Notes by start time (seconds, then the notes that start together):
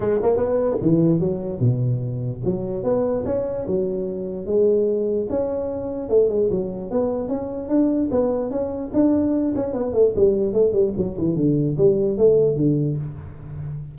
0.00 G#3
0.22 A#3
0.36 B3
0.81 E3
1.19 F#3
1.59 B2
2.44 F#3
2.83 B3
3.25 C#4
3.67 F#3
4.46 G#3
5.29 C#4
6.09 A3
6.29 G#3
6.50 F#3
6.90 B3
7.28 C#4
7.68 D4
8.11 B3
8.50 C#4
8.93 D4
9.55 C#4
9.73 B3
9.93 A3
10.15 G3
10.53 A3
10.72 G3
10.97 F#3
11.18 E3
11.36 D3
11.77 G3
12.17 A3
12.56 D3